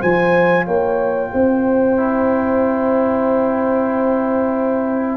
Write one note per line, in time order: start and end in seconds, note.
0.00 0.67 F3
0.00 1.97 F4
0.00 0.65 C5
0.00 0.66 G#5
0.65 1.31 A#3
0.65 1.30 C#5
0.65 5.17 G5
1.33 5.17 C4
1.33 5.17 C5
1.97 5.17 E4